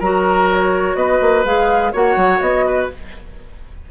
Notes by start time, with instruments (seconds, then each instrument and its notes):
0.00 bassoon F#3, clarinet F#4, oboe A#4, flute A#5
0.53 flute C#5
0.96 bassoon B3, oboe B4, flute D#5
1.21 bassoon A#3
1.45 bassoon G#3, clarinet G#4, flute F5
1.93 bassoon A#3, clarinet F#4, oboe C#5, flute F#5
2.17 bassoon F#3
2.41 bassoon B3, flute D#5
2.67 oboe B4